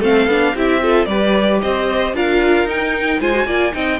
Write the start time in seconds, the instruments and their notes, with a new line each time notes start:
0.00 cello A3, viola C4, violin A4 F5
0.27 cello B3, viola D4
0.55 cello C4, viola E4, violin G4 E5
0.82 viola F4, violin A4
1.06 cello G3, viola G4, violin B4 D5
1.62 cello C4, violin C5 D#5
2.14 cello D4, viola F4, violin A#4 F5
2.64 cello D#4, viola D#4, violin G5
3.20 cello G#3, viola F4, violin C5 G#5
3.34 viola F#4
3.46 cello A#3, viola F4, violin D5
3.72 cello C4, viola D#4, violin D#5 G5